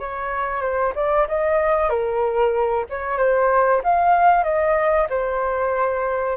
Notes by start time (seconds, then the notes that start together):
0.00 C#5
0.62 C5
0.96 D5
1.29 D#5
1.90 A#4
2.90 C#5
3.18 C5
3.84 F5
4.44 D#5
5.10 C5